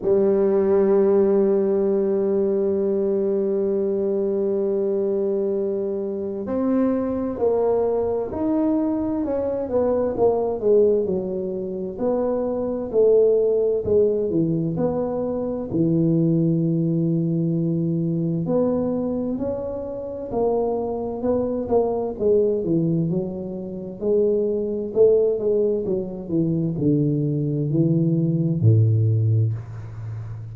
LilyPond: \new Staff \with { instrumentName = "tuba" } { \time 4/4 \tempo 4 = 65 g1~ | g2. c'4 | ais4 dis'4 cis'8 b8 ais8 gis8 | fis4 b4 a4 gis8 e8 |
b4 e2. | b4 cis'4 ais4 b8 ais8 | gis8 e8 fis4 gis4 a8 gis8 | fis8 e8 d4 e4 a,4 | }